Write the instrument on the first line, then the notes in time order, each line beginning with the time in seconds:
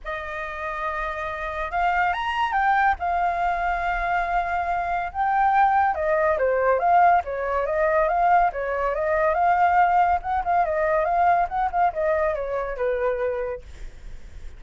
flute
0.04 D#5
1.71 F5
2.13 A#5
2.52 G5
2.99 F5
5.12 G5
5.95 D#5
6.38 C5
6.79 F5
7.24 C#5
7.66 D#5
8.08 F5
8.52 C#5
8.95 D#5
9.34 F5
10.22 F#5
10.44 F5
10.65 D#5
11.04 F5
11.48 F#5
11.71 F5
11.93 D#5
12.34 C#5
12.76 B4